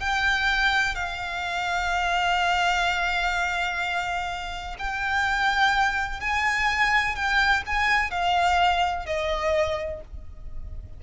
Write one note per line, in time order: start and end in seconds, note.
0.00 0.95 G5
0.95 4.76 F5
4.79 6.20 G5
6.20 7.16 G#5
7.16 7.63 G5
7.66 8.11 G#5
8.11 9.06 F5
9.06 10.01 D#5